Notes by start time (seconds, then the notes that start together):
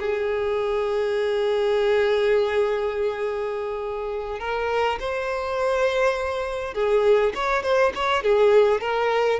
0.00 G#4
4.40 A#4
5.00 C5
6.74 G#4
7.34 C#5
7.63 C5
7.95 C#5
8.23 G#4
8.80 A#4